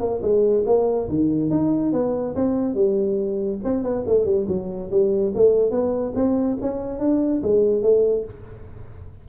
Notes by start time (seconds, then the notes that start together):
0.00 A#3
0.22 G#3
0.66 A#3
1.09 D#3
1.50 D#4
1.92 B3
2.35 C4
2.74 G3
3.64 C4
3.83 B3
4.07 A3
4.25 G3
4.48 F#3
4.91 G3
5.35 A3
5.71 B3
6.15 C4
6.61 C#4
6.99 D4
7.42 G#3
7.82 A3